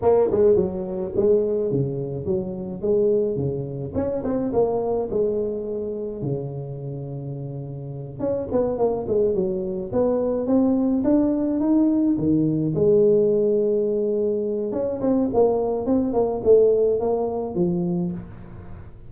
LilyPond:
\new Staff \with { instrumentName = "tuba" } { \time 4/4 \tempo 4 = 106 ais8 gis8 fis4 gis4 cis4 | fis4 gis4 cis4 cis'8 c'8 | ais4 gis2 cis4~ | cis2~ cis8 cis'8 b8 ais8 |
gis8 fis4 b4 c'4 d'8~ | d'8 dis'4 dis4 gis4.~ | gis2 cis'8 c'8 ais4 | c'8 ais8 a4 ais4 f4 | }